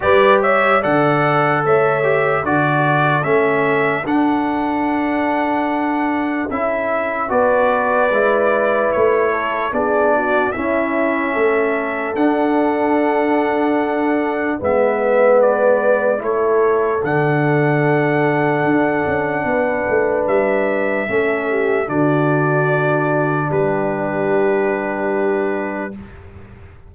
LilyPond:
<<
  \new Staff \with { instrumentName = "trumpet" } { \time 4/4 \tempo 4 = 74 d''8 e''8 fis''4 e''4 d''4 | e''4 fis''2. | e''4 d''2 cis''4 | d''4 e''2 fis''4~ |
fis''2 e''4 d''4 | cis''4 fis''2.~ | fis''4 e''2 d''4~ | d''4 b'2. | }
  \new Staff \with { instrumentName = "horn" } { \time 4/4 b'8 cis''8 d''4 cis''4 a'4~ | a'1~ | a'4 b'2~ b'8 a'8 | gis'8 fis'8 e'4 a'2~ |
a'2 b'2 | a'1 | b'2 a'8 g'8 fis'4~ | fis'4 g'2. | }
  \new Staff \with { instrumentName = "trombone" } { \time 4/4 g'4 a'4. g'8 fis'4 | cis'4 d'2. | e'4 fis'4 e'2 | d'4 cis'2 d'4~ |
d'2 b2 | e'4 d'2.~ | d'2 cis'4 d'4~ | d'1 | }
  \new Staff \with { instrumentName = "tuba" } { \time 4/4 g4 d4 a4 d4 | a4 d'2. | cis'4 b4 gis4 a4 | b4 cis'4 a4 d'4~ |
d'2 gis2 | a4 d2 d'8 cis'8 | b8 a8 g4 a4 d4~ | d4 g2. | }
>>